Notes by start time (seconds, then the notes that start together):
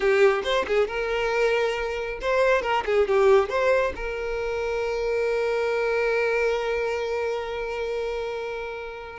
0.00 G4
0.43 C5
0.67 G#4
0.87 A#4
2.21 C5
2.62 A#4
2.85 G#4
3.07 G4
3.49 C5
3.95 A#4